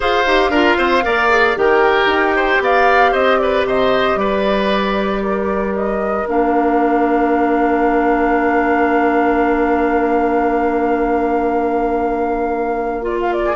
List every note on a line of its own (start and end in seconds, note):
0.00 0.26 F4
0.00 0.24 G#4
0.00 0.51 C5
0.00 1.57 F5
0.26 0.49 D#4
0.26 0.52 G4
0.49 0.75 D4
0.49 1.02 F4
0.49 0.77 A#4
0.77 1.04 C4
0.77 1.03 C5
1.02 1.56 A#3
1.02 1.28 A#4
1.02 1.57 D5
1.29 1.55 G#4
1.55 2.05 D#3
1.55 6.24 G4
1.55 2.36 A#4
1.55 2.62 G5
2.05 2.57 D#4
2.36 2.62 C5
2.60 3.12 B3
2.60 3.11 D5
2.60 3.13 F5
3.11 3.64 C4
3.11 3.37 C5
3.11 3.39 D#5
3.39 3.67 B4
3.39 3.65 D5
3.64 4.15 C3
3.64 4.19 C5
3.64 4.18 D#5
4.15 6.24 G3
4.15 5.22 B4
4.15 5.74 D5
5.22 13.43 A#4
5.75 6.27 D#5
6.27 13.56 A#3
6.27 13.02 D4
6.27 13.05 F5
13.02 13.54 F4
13.02 13.18 D5
13.20 13.32 F5
13.32 13.56 D5
13.45 13.56 G#4